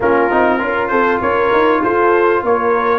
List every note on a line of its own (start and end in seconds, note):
0.00 0.30 A#3
0.00 0.31 C#4
0.00 0.62 F4
0.00 0.88 A#4
0.30 0.61 C4
0.30 0.59 D#4
0.59 0.90 C#4
0.59 2.98 F4
0.59 0.91 A#4
0.88 1.21 C4
0.88 1.21 A4
0.88 1.18 C5
1.21 1.51 C#4
1.21 1.82 A#4
1.21 1.82 C#5
1.52 1.83 D#4
1.82 2.42 F4
1.82 2.43 A4
1.82 2.43 C5
2.42 2.98 A#3
2.42 2.98 A#4
2.42 2.98 C#5